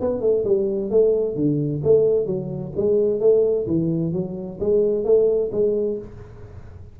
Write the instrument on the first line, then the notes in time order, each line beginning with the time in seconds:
tuba
0.00 B3
0.21 A3
0.44 G3
0.90 A3
1.36 D3
1.83 A3
2.26 F#3
2.76 G#3
3.20 A3
3.66 E3
4.13 F#3
4.60 G#3
5.04 A3
5.52 G#3